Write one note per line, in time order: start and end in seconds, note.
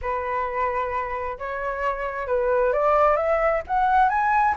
0.01 1.38 B4
1.38 2.27 C#5
2.27 2.72 B4
2.72 3.16 D5
3.16 3.62 E5
3.67 4.09 F#5
4.09 4.54 G#5